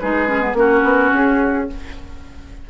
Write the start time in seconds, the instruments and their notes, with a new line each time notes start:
0.00 bassoon G#3, clarinet D#4, oboe G#4, flute B4
0.28 clarinet C#4
0.42 clarinet B3
0.54 bassoon A#3, clarinet C#4, oboe F#4, flute A#4
0.84 bassoon B3
1.13 bassoon C#4, flute G#4